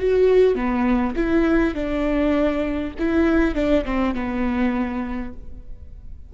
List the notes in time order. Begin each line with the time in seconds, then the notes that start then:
0.00 F#4
0.55 B3
1.16 E4
1.74 D4
2.99 E4
3.55 D4
3.85 C4
4.14 B3